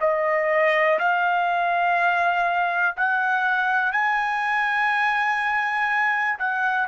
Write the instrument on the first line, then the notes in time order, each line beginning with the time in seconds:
trumpet
0.00 D#5
0.98 F5
2.96 F#5
3.92 G#5
6.38 F#5